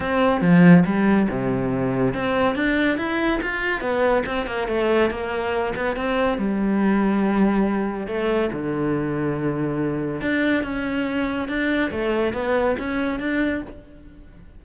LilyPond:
\new Staff \with { instrumentName = "cello" } { \time 4/4 \tempo 4 = 141 c'4 f4 g4 c4~ | c4 c'4 d'4 e'4 | f'4 b4 c'8 ais8 a4 | ais4. b8 c'4 g4~ |
g2. a4 | d1 | d'4 cis'2 d'4 | a4 b4 cis'4 d'4 | }